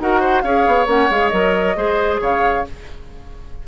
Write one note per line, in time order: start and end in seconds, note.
0.00 0.44 D#4
0.00 0.45 F#4
0.00 0.21 A#4
0.00 0.42 F#5
0.21 0.43 C5
0.42 0.66 C#4
0.42 0.87 G#4
0.42 1.77 C#5
0.42 0.86 F5
0.67 0.87 B3
0.87 1.09 A#3
0.87 1.09 C#4
0.87 1.12 F#5
1.11 1.33 G#3
1.11 1.32 G#4
1.11 1.30 F5
1.30 1.77 F#3
1.30 1.76 A#4
1.30 2.18 D#5
1.76 2.21 G#3
1.76 2.65 G#4
1.76 2.21 C5
2.21 2.66 C#3
2.21 2.66 C#5
2.21 2.68 F5